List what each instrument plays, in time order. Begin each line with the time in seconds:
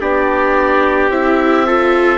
0.00 bassoon B3, viola D4, trumpet G4, oboe D5
1.10 bassoon C4, viola E4, oboe E5
1.67 viola F4, trumpet A4